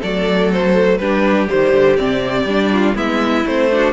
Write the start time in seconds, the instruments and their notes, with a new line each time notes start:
0.00 cello F#3, viola A3, violin A4 D5
0.52 violin C5
0.98 cello G3, viola D4, violin G4 B4
1.47 cello D#3, viola G3, violin C5
1.73 cello D3
1.96 cello C3, viola C4, violin D5
2.44 cello G3, viola D4
2.72 violin F4
2.94 cello G#3, viola B3, violin E4 E5
3.45 cello A3, viola C4, violin C5
3.71 viola D4, violin F#4